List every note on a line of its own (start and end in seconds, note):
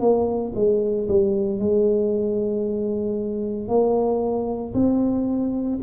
0.00 0.53 A#3
0.55 1.08 G#3
1.08 1.59 G3
1.59 3.68 G#3
3.68 4.74 A#3
4.74 5.79 C4